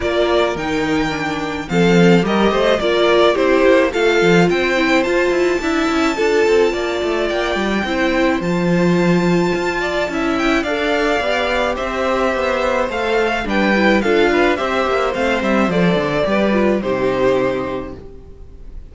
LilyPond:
<<
  \new Staff \with { instrumentName = "violin" } { \time 4/4 \tempo 4 = 107 d''4 g''2 f''4 | dis''4 d''4 c''4 f''4 | g''4 a''2.~ | a''4 g''2 a''4~ |
a''2~ a''8 g''8 f''4~ | f''4 e''2 f''4 | g''4 f''4 e''4 f''8 e''8 | d''2 c''2 | }
  \new Staff \with { instrumentName = "violin" } { \time 4/4 ais'2. a'4 | ais'8 c''8 ais'4 g'4 a'4 | c''2 e''4 a'4 | d''2 c''2~ |
c''4. d''8 e''4 d''4~ | d''4 c''2. | b'4 a'8 b'8 c''2~ | c''4 b'4 g'2 | }
  \new Staff \with { instrumentName = "viola" } { \time 4/4 f'4 dis'4 d'4 c'4 | g'4 f'4 e'4 f'4~ | f'8 e'8 f'4 e'4 f'4~ | f'2 e'4 f'4~ |
f'2 e'4 a'4 | g'2. a'4 | d'8 e'8 f'4 g'4 c'4 | a'4 g'8 f'8 dis'2 | }
  \new Staff \with { instrumentName = "cello" } { \time 4/4 ais4 dis2 f4 | g8 a8 ais4 c'8 ais8 a8 f8 | c'4 f'8 e'8 d'8 cis'8 d'8 c'8 | ais8 a8 ais8 g8 c'4 f4~ |
f4 f'4 cis'4 d'4 | b4 c'4 b4 a4 | g4 d'4 c'8 ais8 a8 g8 | f8 d8 g4 c2 | }
>>